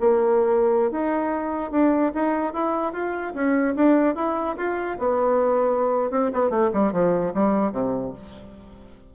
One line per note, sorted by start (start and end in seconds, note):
0.00 0.91 A#3
0.91 1.71 D#4
1.71 2.12 D4
2.14 2.53 D#4
2.53 2.93 E4
2.93 3.34 F4
3.34 3.75 C#4
3.76 4.15 D4
4.15 4.56 E4
4.57 4.98 F4
4.99 6.11 B3
6.11 6.31 C4
6.33 6.50 B3
6.50 6.70 A3
6.73 6.92 G3
6.92 7.33 F3
7.34 7.72 G3
7.72 8.13 C3